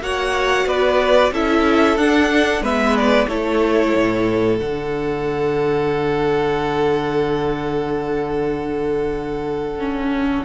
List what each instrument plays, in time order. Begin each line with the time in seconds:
0.00 cello A#3, viola F#4, violin C#5 F#5
0.66 cello B3, violin B4 D5
1.31 cello C#4, viola E4, violin A4 E5
1.97 cello D4, viola D4, violin F#5
2.61 cello G#3, viola B3, violin B4 E5
2.96 violin D5
3.28 cello A3, viola E4, violin A4 C#5
3.95 cello A2
4.58 cello D3, viola D4, violin F#5
9.79 viola C#4